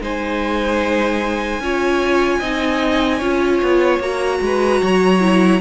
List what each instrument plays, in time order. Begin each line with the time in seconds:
0.00 cello G#3, viola D#4, violin C5 G#5
1.60 cello C#4, viola F4, violin C#5
2.40 cello C4, viola D#4, violin D#5
3.18 cello C#4, viola F4, violin C#5
3.62 cello B3
3.99 cello A#3, viola F#4, violin A#5
4.41 cello G#3, violin B4
4.81 cello F#3, violin C#5
5.21 viola E4